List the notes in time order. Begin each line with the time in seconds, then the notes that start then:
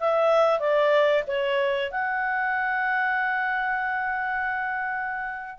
0.00 E5
0.60 D5
1.27 C#5
1.91 F#5